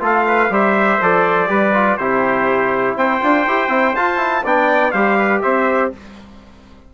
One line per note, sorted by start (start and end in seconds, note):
0.00 0.49 A3
0.00 0.49 F4
0.00 0.26 A4
0.00 0.53 F5
0.27 0.52 B4
0.49 0.99 G3
0.49 0.99 G4
0.49 1.49 C5
0.49 1.02 E5
1.01 1.49 F3
1.01 1.47 A4
1.01 1.97 D5
1.47 1.97 G3
1.47 1.72 G4
1.47 1.99 B4
1.73 1.98 F4
1.97 2.95 C3
1.97 3.21 E4
1.97 2.97 G4
1.97 2.96 C5
2.95 3.20 C4
2.95 4.43 C5
2.95 3.95 G5
3.21 3.47 D4
3.21 3.46 F4
3.47 3.68 E4
3.47 3.69 G4
3.68 3.93 C4
3.68 3.93 E4
3.95 4.17 F4
3.95 4.44 F4
3.95 4.45 A5
4.17 4.42 E4
4.43 4.93 B3
4.43 4.94 D4
4.43 4.93 D5
4.43 4.91 G5
4.91 5.42 G3
4.91 5.93 G4
4.91 5.17 C5
4.91 5.40 F5
5.18 5.42 B4
5.41 5.93 C4
5.41 5.92 C5
5.41 5.90 E5